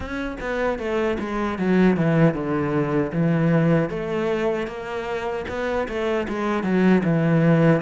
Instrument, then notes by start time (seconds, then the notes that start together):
cello
0.00 C#4
0.40 B3
0.78 A3
1.19 G#3
1.58 F#3
1.96 E3
2.33 D3
3.12 E3
3.89 A3
4.67 A#3
5.48 B3
5.88 A3
6.28 G#3
6.63 F#3
7.03 E3